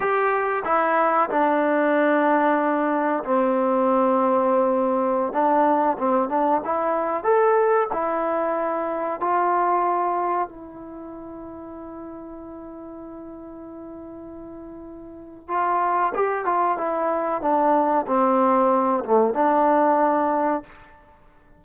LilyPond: \new Staff \with { instrumentName = "trombone" } { \time 4/4 \tempo 4 = 93 g'4 e'4 d'2~ | d'4 c'2.~ | c'16 d'4 c'8 d'8 e'4 a'8.~ | a'16 e'2 f'4.~ f'16~ |
f'16 e'2.~ e'8.~ | e'1 | f'4 g'8 f'8 e'4 d'4 | c'4. a8 d'2 | }